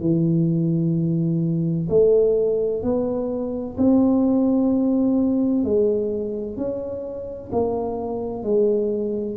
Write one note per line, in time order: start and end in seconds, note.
0.00 1.87 E3
1.89 2.83 A3
2.83 3.76 B3
3.77 5.64 C4
5.64 6.56 G#3
6.56 7.50 C#4
7.52 8.42 A#3
8.42 9.36 G#3